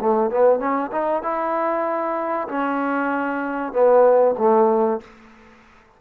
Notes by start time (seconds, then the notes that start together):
0.00 A3
0.31 B3
0.60 C#4
0.92 D#4
1.23 E4
2.48 C#4
3.73 B3
4.38 A3